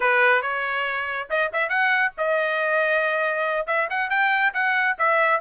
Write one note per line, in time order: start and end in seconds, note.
0.00 0.42 B4
0.42 1.28 C#5
1.29 1.51 D#5
1.52 1.69 E5
1.69 2.12 F#5
2.17 3.66 D#5
3.66 3.88 E5
3.89 4.10 F#5
4.10 4.53 G5
4.53 4.96 F#5
4.98 5.40 E5